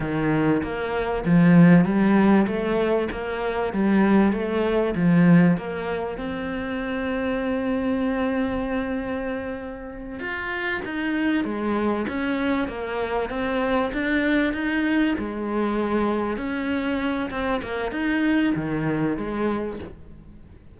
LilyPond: \new Staff \with { instrumentName = "cello" } { \time 4/4 \tempo 4 = 97 dis4 ais4 f4 g4 | a4 ais4 g4 a4 | f4 ais4 c'2~ | c'1~ |
c'8 f'4 dis'4 gis4 cis'8~ | cis'8 ais4 c'4 d'4 dis'8~ | dis'8 gis2 cis'4. | c'8 ais8 dis'4 dis4 gis4 | }